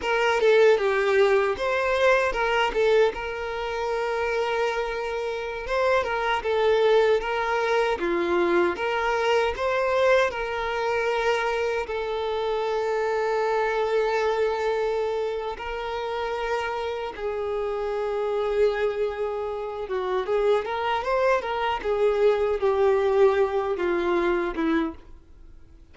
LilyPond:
\new Staff \with { instrumentName = "violin" } { \time 4/4 \tempo 4 = 77 ais'8 a'8 g'4 c''4 ais'8 a'8 | ais'2.~ ais'16 c''8 ais'16~ | ais'16 a'4 ais'4 f'4 ais'8.~ | ais'16 c''4 ais'2 a'8.~ |
a'1 | ais'2 gis'2~ | gis'4. fis'8 gis'8 ais'8 c''8 ais'8 | gis'4 g'4. f'4 e'8 | }